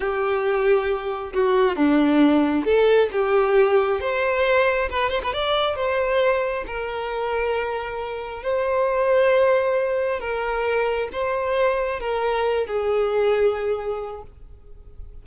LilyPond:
\new Staff \with { instrumentName = "violin" } { \time 4/4 \tempo 4 = 135 g'2. fis'4 | d'2 a'4 g'4~ | g'4 c''2 b'8 c''16 b'16 | d''4 c''2 ais'4~ |
ais'2. c''4~ | c''2. ais'4~ | ais'4 c''2 ais'4~ | ais'8 gis'2.~ gis'8 | }